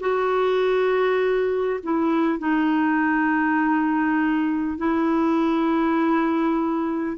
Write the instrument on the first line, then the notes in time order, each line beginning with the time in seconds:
clarinet
0.00 F#4
1.83 E4
2.38 D#4
4.77 E4